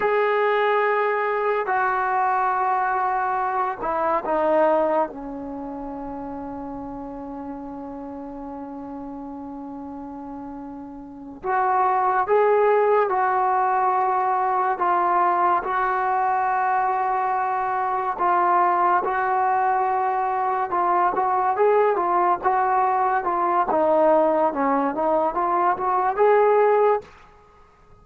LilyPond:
\new Staff \with { instrumentName = "trombone" } { \time 4/4 \tempo 4 = 71 gis'2 fis'2~ | fis'8 e'8 dis'4 cis'2~ | cis'1~ | cis'4. fis'4 gis'4 fis'8~ |
fis'4. f'4 fis'4.~ | fis'4. f'4 fis'4.~ | fis'8 f'8 fis'8 gis'8 f'8 fis'4 f'8 | dis'4 cis'8 dis'8 f'8 fis'8 gis'4 | }